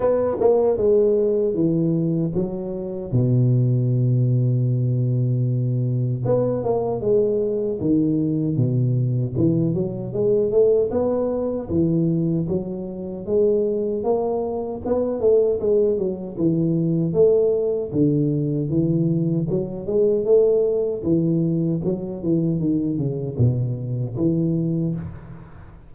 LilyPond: \new Staff \with { instrumentName = "tuba" } { \time 4/4 \tempo 4 = 77 b8 ais8 gis4 e4 fis4 | b,1 | b8 ais8 gis4 dis4 b,4 | e8 fis8 gis8 a8 b4 e4 |
fis4 gis4 ais4 b8 a8 | gis8 fis8 e4 a4 d4 | e4 fis8 gis8 a4 e4 | fis8 e8 dis8 cis8 b,4 e4 | }